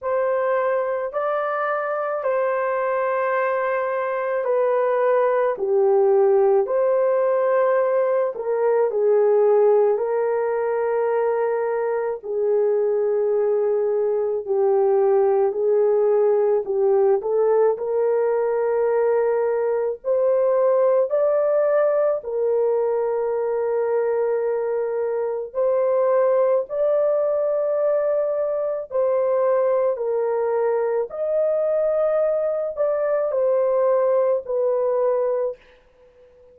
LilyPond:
\new Staff \with { instrumentName = "horn" } { \time 4/4 \tempo 4 = 54 c''4 d''4 c''2 | b'4 g'4 c''4. ais'8 | gis'4 ais'2 gis'4~ | gis'4 g'4 gis'4 g'8 a'8 |
ais'2 c''4 d''4 | ais'2. c''4 | d''2 c''4 ais'4 | dis''4. d''8 c''4 b'4 | }